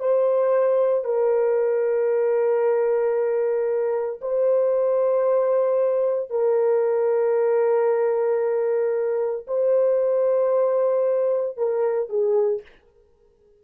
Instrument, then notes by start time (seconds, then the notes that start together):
horn
0.00 C5
1.05 A#4
4.22 C5
6.31 A#4
9.47 C5
11.58 A#4
12.10 G#4